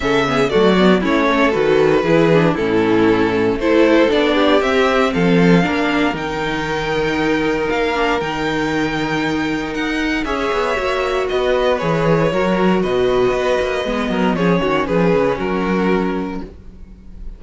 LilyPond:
<<
  \new Staff \with { instrumentName = "violin" } { \time 4/4 \tempo 4 = 117 e''4 d''4 cis''4 b'4~ | b'4 a'2 c''4 | d''4 e''4 f''2 | g''2. f''4 |
g''2. fis''4 | e''2 dis''4 cis''4~ | cis''4 dis''2. | cis''4 b'4 ais'2 | }
  \new Staff \with { instrumentName = "violin" } { \time 4/4 a'8 gis'8 fis'4 e'8 a'4. | gis'4 e'2 a'4~ | a'8 g'4. a'4 ais'4~ | ais'1~ |
ais'1 | cis''2 b'2 | ais'4 b'2~ b'8 ais'8 | gis'8 fis'8 gis'4 fis'2 | }
  \new Staff \with { instrumentName = "viola" } { \time 4/4 cis'8 b8 a8 b8 cis'4 fis'4 | e'8 d'8 cis'2 e'4 | d'4 c'2 d'4 | dis'2.~ dis'8 d'8 |
dis'1 | gis'4 fis'2 gis'4 | fis'2. b4 | cis'1 | }
  \new Staff \with { instrumentName = "cello" } { \time 4/4 cis4 fis4 a4 dis4 | e4 a,2 a4 | b4 c'4 f4 ais4 | dis2. ais4 |
dis2. dis'4 | cis'8 b8 ais4 b4 e4 | fis4 b,4 b8 ais8 gis8 fis8 | f8 dis8 f8 cis8 fis2 | }
>>